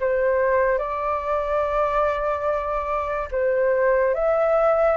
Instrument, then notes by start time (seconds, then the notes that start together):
flute
0.00 C5
0.78 D5
3.31 C5
4.14 E5